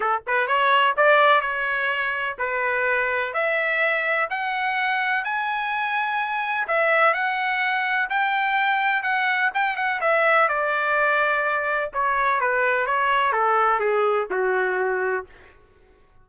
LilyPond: \new Staff \with { instrumentName = "trumpet" } { \time 4/4 \tempo 4 = 126 a'8 b'8 cis''4 d''4 cis''4~ | cis''4 b'2 e''4~ | e''4 fis''2 gis''4~ | gis''2 e''4 fis''4~ |
fis''4 g''2 fis''4 | g''8 fis''8 e''4 d''2~ | d''4 cis''4 b'4 cis''4 | a'4 gis'4 fis'2 | }